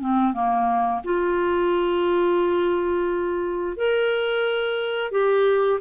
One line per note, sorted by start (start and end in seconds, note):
0.00 0.33 C4
0.33 1.01 A#3
1.04 3.77 F4
3.77 5.11 A#4
5.11 5.80 G4